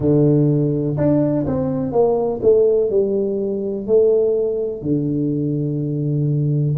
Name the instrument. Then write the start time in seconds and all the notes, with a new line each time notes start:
tuba
0.00 D3
0.97 D4
1.46 C4
1.92 A#3
2.42 A3
2.90 G3
3.86 A3
4.82 D3